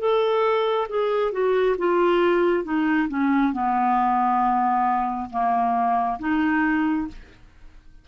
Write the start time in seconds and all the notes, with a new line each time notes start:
0.00 A4
0.89 G#4
1.32 F#4
1.78 F4
2.64 D#4
3.09 C#4
3.53 B3
5.30 A#3
6.20 D#4